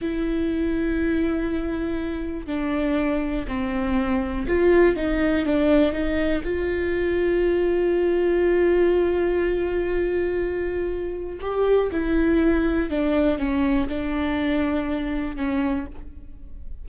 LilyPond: \new Staff \with { instrumentName = "viola" } { \time 4/4 \tempo 4 = 121 e'1~ | e'4 d'2 c'4~ | c'4 f'4 dis'4 d'4 | dis'4 f'2.~ |
f'1~ | f'2. g'4 | e'2 d'4 cis'4 | d'2. cis'4 | }